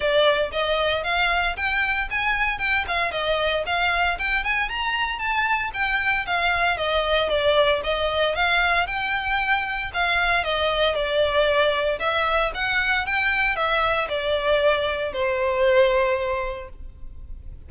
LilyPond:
\new Staff \with { instrumentName = "violin" } { \time 4/4 \tempo 4 = 115 d''4 dis''4 f''4 g''4 | gis''4 g''8 f''8 dis''4 f''4 | g''8 gis''8 ais''4 a''4 g''4 | f''4 dis''4 d''4 dis''4 |
f''4 g''2 f''4 | dis''4 d''2 e''4 | fis''4 g''4 e''4 d''4~ | d''4 c''2. | }